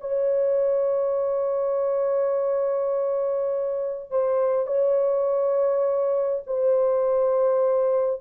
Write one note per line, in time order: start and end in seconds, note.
0.00 4.10 C#5
4.10 4.66 C5
4.66 6.43 C#5
6.47 8.21 C5